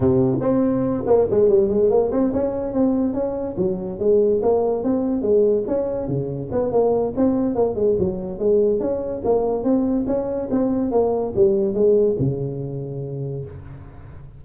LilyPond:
\new Staff \with { instrumentName = "tuba" } { \time 4/4 \tempo 4 = 143 c4 c'4. ais8 gis8 g8 | gis8 ais8 c'8 cis'4 c'4 cis'8~ | cis'8 fis4 gis4 ais4 c'8~ | c'8 gis4 cis'4 cis4 b8 |
ais4 c'4 ais8 gis8 fis4 | gis4 cis'4 ais4 c'4 | cis'4 c'4 ais4 g4 | gis4 cis2. | }